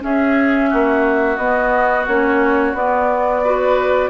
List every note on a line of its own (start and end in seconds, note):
0.00 1.36 C#4
0.00 0.71 C#4
0.00 0.70 G#4
0.00 1.36 E5
0.70 1.37 A#3
0.70 3.42 F#4
1.36 2.05 B3
1.36 2.08 B3
1.36 2.05 D#5
2.07 2.73 A#3
2.07 2.74 C#4
2.07 2.75 C#5
2.73 4.09 B3
2.73 3.42 B3
2.73 4.10 D5
3.43 4.10 F#4
3.43 4.10 B4